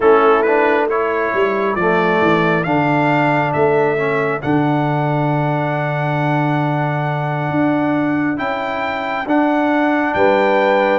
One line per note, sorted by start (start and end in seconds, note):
0.00 1.32 A3
0.00 0.45 C#4
0.00 0.85 E4
0.00 0.42 A4
0.42 0.90 D4
0.42 0.86 B4
0.85 1.78 E4
0.85 10.12 A4
0.85 1.75 C#5
1.33 1.75 G3
1.75 2.19 F3
1.75 2.65 A3
1.75 2.63 D5
2.21 2.65 E3
2.63 3.53 D3
2.63 3.97 D4
2.63 3.51 F5
3.52 4.42 A3
3.52 4.41 E5
3.97 4.41 C#4
4.41 7.50 D3
4.41 8.36 D4
4.41 8.38 F#5
7.50 8.38 D4
8.36 9.25 C#4
8.36 9.25 E4
8.36 9.26 G5
9.25 10.13 D4
9.25 10.99 D4
9.25 10.14 F#5
10.14 10.99 G3
10.14 10.99 B4
10.14 10.99 G5